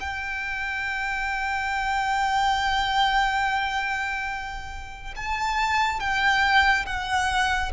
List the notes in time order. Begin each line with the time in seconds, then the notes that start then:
0.00 G5
5.16 A5
6.00 G5
6.86 F#5